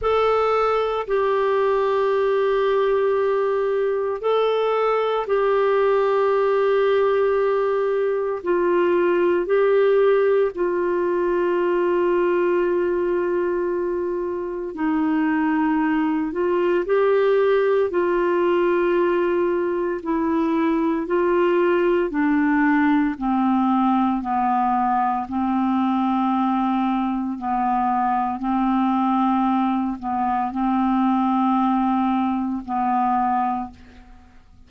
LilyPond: \new Staff \with { instrumentName = "clarinet" } { \time 4/4 \tempo 4 = 57 a'4 g'2. | a'4 g'2. | f'4 g'4 f'2~ | f'2 dis'4. f'8 |
g'4 f'2 e'4 | f'4 d'4 c'4 b4 | c'2 b4 c'4~ | c'8 b8 c'2 b4 | }